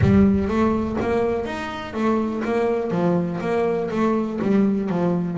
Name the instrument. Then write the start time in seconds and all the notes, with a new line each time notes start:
double bass
0.01 G3
0.48 A3
1.00 A#3
1.45 D#4
1.93 A3
2.44 A#3
2.90 F3
3.41 A#3
3.90 A3
4.41 G3
4.89 F3